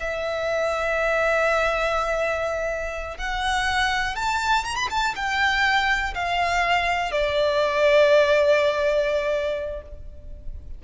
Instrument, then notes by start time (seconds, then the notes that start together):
violin
0.00 E5
3.18 F#5
4.16 A5
4.65 A#5
4.76 B5
4.90 A5
5.15 G5
6.14 F5
7.12 D5